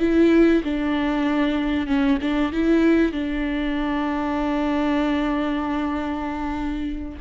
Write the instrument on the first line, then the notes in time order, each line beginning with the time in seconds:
viola
0.00 E4
0.64 D4
1.87 C#4
2.22 D4
2.52 E4
3.12 D4